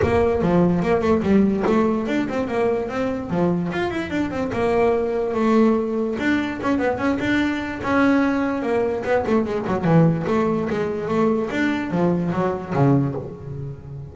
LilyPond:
\new Staff \with { instrumentName = "double bass" } { \time 4/4 \tempo 4 = 146 ais4 f4 ais8 a8 g4 | a4 d'8 c'8 ais4 c'4 | f4 f'8 e'8 d'8 c'8 ais4~ | ais4 a2 d'4 |
cis'8 b8 cis'8 d'4. cis'4~ | cis'4 ais4 b8 a8 gis8 fis8 | e4 a4 gis4 a4 | d'4 f4 fis4 cis4 | }